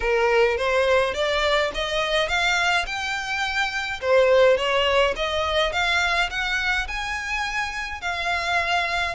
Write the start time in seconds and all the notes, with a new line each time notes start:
0.00 A#4
0.57 C5
1.14 D5
1.74 D#5
2.28 F5
2.86 G5
4.01 C5
4.57 C#5
5.16 D#5
5.72 F5
6.30 F#5
6.87 G#5
8.01 F5